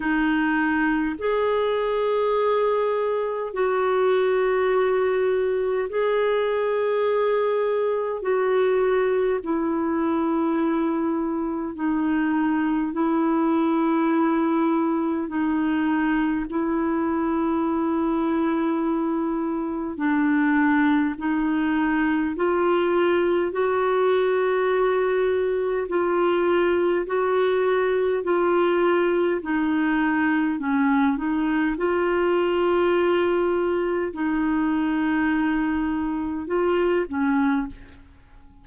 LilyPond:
\new Staff \with { instrumentName = "clarinet" } { \time 4/4 \tempo 4 = 51 dis'4 gis'2 fis'4~ | fis'4 gis'2 fis'4 | e'2 dis'4 e'4~ | e'4 dis'4 e'2~ |
e'4 d'4 dis'4 f'4 | fis'2 f'4 fis'4 | f'4 dis'4 cis'8 dis'8 f'4~ | f'4 dis'2 f'8 cis'8 | }